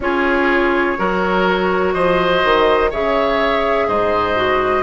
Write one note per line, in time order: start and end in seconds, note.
0.00 0.95 C#4
0.00 0.97 F4
0.00 0.98 G#4
0.00 1.93 C#5
0.97 1.94 F#3
0.97 2.91 F#4
0.97 1.94 A#4
1.93 2.42 F3
1.93 2.90 C5
1.93 2.90 D#5
2.44 2.92 D#3
2.90 3.87 C#3
2.90 4.36 G#4
2.90 3.87 C#5
2.90 3.88 E5
3.87 4.82 G#2
3.87 4.82 C5
3.87 4.82 D#5
4.36 4.82 F#4